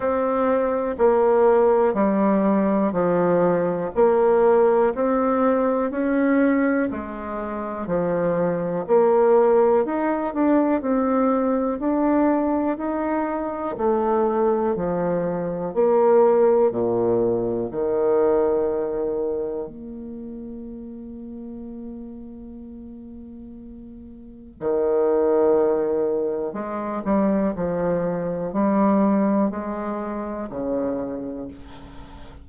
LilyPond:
\new Staff \with { instrumentName = "bassoon" } { \time 4/4 \tempo 4 = 61 c'4 ais4 g4 f4 | ais4 c'4 cis'4 gis4 | f4 ais4 dis'8 d'8 c'4 | d'4 dis'4 a4 f4 |
ais4 ais,4 dis2 | ais1~ | ais4 dis2 gis8 g8 | f4 g4 gis4 cis4 | }